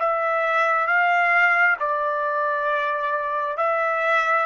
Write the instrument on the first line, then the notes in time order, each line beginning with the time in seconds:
trumpet
0.00 E5
0.88 F5
1.80 D5
3.57 E5